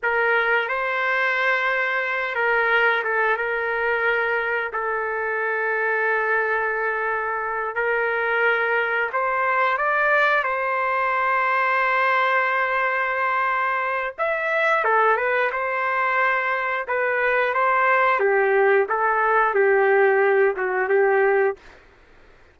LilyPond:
\new Staff \with { instrumentName = "trumpet" } { \time 4/4 \tempo 4 = 89 ais'4 c''2~ c''8 ais'8~ | ais'8 a'8 ais'2 a'4~ | a'2.~ a'8 ais'8~ | ais'4. c''4 d''4 c''8~ |
c''1~ | c''4 e''4 a'8 b'8 c''4~ | c''4 b'4 c''4 g'4 | a'4 g'4. fis'8 g'4 | }